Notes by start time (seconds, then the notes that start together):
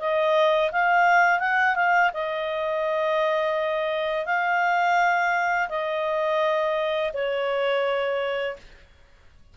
0.00 D#5
0.72 F5
1.40 F#5
1.76 F5
2.14 D#5
4.26 F5
5.69 D#5
7.14 C#5